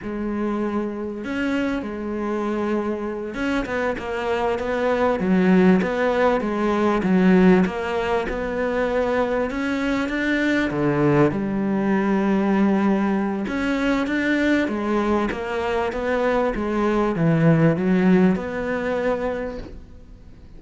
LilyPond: \new Staff \with { instrumentName = "cello" } { \time 4/4 \tempo 4 = 98 gis2 cis'4 gis4~ | gis4. cis'8 b8 ais4 b8~ | b8 fis4 b4 gis4 fis8~ | fis8 ais4 b2 cis'8~ |
cis'8 d'4 d4 g4.~ | g2 cis'4 d'4 | gis4 ais4 b4 gis4 | e4 fis4 b2 | }